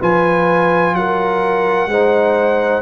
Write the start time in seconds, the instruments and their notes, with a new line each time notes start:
0.00 tuba F3, trombone F4, horn B4, trumpet G#5
0.94 tuba F#3, horn A#4, trumpet F#5
1.87 tuba G#3, trombone D#4, horn C5